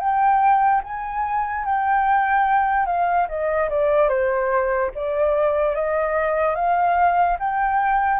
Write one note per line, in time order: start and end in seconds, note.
0.00 0.82 G5
0.84 1.65 G#5
1.65 2.87 G5
2.87 3.28 F5
3.29 3.70 D#5
3.70 4.09 D5
4.09 4.91 C5
4.95 5.75 D5
5.75 6.56 D#5
6.56 7.38 F5
7.39 8.20 G5